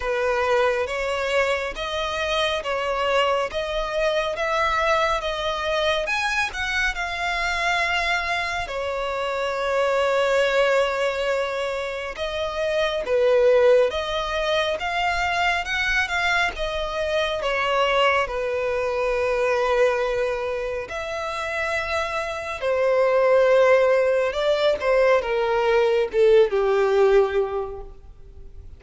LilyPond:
\new Staff \with { instrumentName = "violin" } { \time 4/4 \tempo 4 = 69 b'4 cis''4 dis''4 cis''4 | dis''4 e''4 dis''4 gis''8 fis''8 | f''2 cis''2~ | cis''2 dis''4 b'4 |
dis''4 f''4 fis''8 f''8 dis''4 | cis''4 b'2. | e''2 c''2 | d''8 c''8 ais'4 a'8 g'4. | }